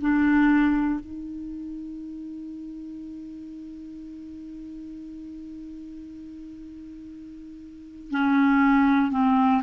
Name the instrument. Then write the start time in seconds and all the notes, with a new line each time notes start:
clarinet
0.00 D4
0.99 D#4
8.11 C#4
9.11 C4